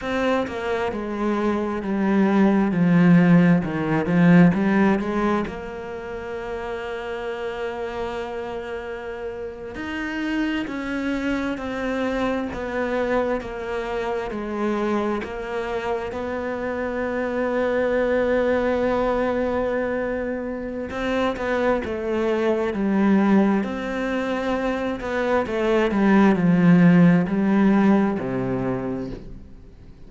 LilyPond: \new Staff \with { instrumentName = "cello" } { \time 4/4 \tempo 4 = 66 c'8 ais8 gis4 g4 f4 | dis8 f8 g8 gis8 ais2~ | ais2~ ais8. dis'4 cis'16~ | cis'8. c'4 b4 ais4 gis16~ |
gis8. ais4 b2~ b16~ | b2. c'8 b8 | a4 g4 c'4. b8 | a8 g8 f4 g4 c4 | }